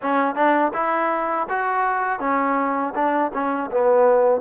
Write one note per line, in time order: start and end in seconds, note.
0.02 0.35 C#4
0.35 0.72 D4
0.73 1.47 E4
1.49 2.19 F#4
2.19 2.93 C#4
2.94 3.31 D4
3.33 3.70 C#4
3.71 4.41 B3